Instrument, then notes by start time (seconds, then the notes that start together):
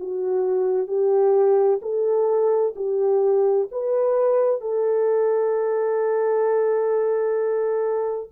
horn
0.00 F#4
0.87 G4
1.82 A4
2.76 G4
3.71 B4
4.61 A4